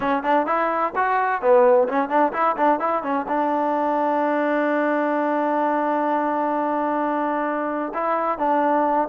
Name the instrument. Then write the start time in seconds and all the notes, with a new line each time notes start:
trombone
0.00 C#4
0.23 D4
0.46 E4
0.95 F#4
1.41 B3
1.88 C#4
2.09 D4
2.33 E4
2.56 D4
2.79 E4
3.03 C#4
3.27 D4
7.93 E4
8.38 D4